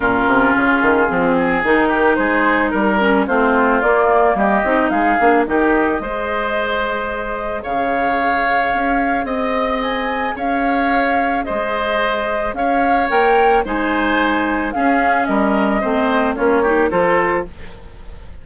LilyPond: <<
  \new Staff \with { instrumentName = "flute" } { \time 4/4 \tempo 4 = 110 ais'4 gis'2 ais'4 | c''4 ais'4 c''4 d''4 | dis''4 f''4 dis''2~ | dis''2 f''2~ |
f''4 dis''4 gis''4 f''4~ | f''4 dis''2 f''4 | g''4 gis''2 f''4 | dis''2 cis''4 c''4 | }
  \new Staff \with { instrumentName = "oboe" } { \time 4/4 f'2~ f'8 gis'4 g'8 | gis'4 ais'4 f'2 | g'4 gis'4 g'4 c''4~ | c''2 cis''2~ |
cis''4 dis''2 cis''4~ | cis''4 c''2 cis''4~ | cis''4 c''2 gis'4 | ais'4 c''4 f'8 g'8 a'4 | }
  \new Staff \with { instrumentName = "clarinet" } { \time 4/4 cis'2 c'4 dis'4~ | dis'4. cis'8 c'4 ais4~ | ais8 dis'4 d'8 dis'4 gis'4~ | gis'1~ |
gis'1~ | gis'1 | ais'4 dis'2 cis'4~ | cis'4 c'4 cis'8 dis'8 f'4 | }
  \new Staff \with { instrumentName = "bassoon" } { \time 4/4 ais,8 c8 cis8 dis8 f4 dis4 | gis4 g4 a4 ais4 | g8 c'8 gis8 ais8 dis4 gis4~ | gis2 cis2 |
cis'4 c'2 cis'4~ | cis'4 gis2 cis'4 | ais4 gis2 cis'4 | g4 a4 ais4 f4 | }
>>